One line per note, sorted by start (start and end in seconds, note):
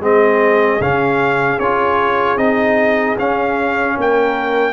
0.00 0.79 G#3
0.00 0.80 C4
0.00 3.95 G#4
0.00 0.81 D#5
0.80 1.59 C#3
0.80 1.60 C#4
0.80 1.59 F5
1.59 2.37 C#4
1.59 2.37 F4
1.59 2.37 C#5
2.37 3.16 C4
2.37 3.16 D#4
2.37 3.16 D#5
3.18 3.97 C#4
3.18 4.72 C#4
3.18 3.98 F5
3.96 4.72 A#3
3.96 4.72 A#4
3.96 4.72 G5